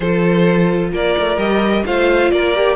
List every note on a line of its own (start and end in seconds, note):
0.00 0.92 F3
0.00 1.37 F4
0.00 0.90 A4
0.00 0.90 C5
0.92 1.15 A#3
0.92 1.84 A#4
0.92 1.39 D5
1.17 1.37 A3
1.37 1.83 G3
1.37 1.84 G4
1.37 1.85 D#5
1.85 2.32 A3
1.85 2.54 F4
1.85 2.32 C5
1.85 2.30 F5
2.30 2.76 A#3
2.30 2.76 A#4
2.30 2.76 D5
2.54 2.76 G4